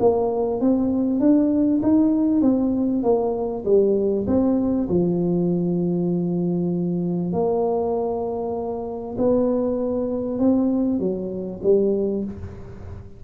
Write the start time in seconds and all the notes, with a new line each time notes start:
0.00 A#3
0.61 C4
1.20 D4
1.83 D#4
2.42 C4
3.03 A#3
3.65 G3
4.27 C4
4.89 F3
7.33 A#3
9.18 B3
10.39 C4
11.00 F#3
11.63 G3